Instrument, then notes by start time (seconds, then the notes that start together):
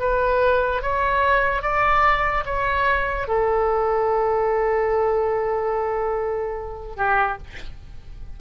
oboe
0.00 B4
0.83 C#5
1.62 D5
2.46 C#5
3.28 A4
6.97 G4